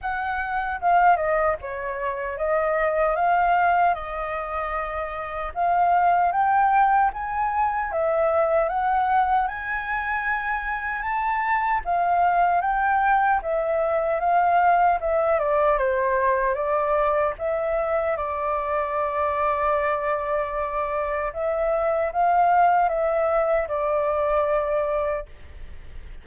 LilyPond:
\new Staff \with { instrumentName = "flute" } { \time 4/4 \tempo 4 = 76 fis''4 f''8 dis''8 cis''4 dis''4 | f''4 dis''2 f''4 | g''4 gis''4 e''4 fis''4 | gis''2 a''4 f''4 |
g''4 e''4 f''4 e''8 d''8 | c''4 d''4 e''4 d''4~ | d''2. e''4 | f''4 e''4 d''2 | }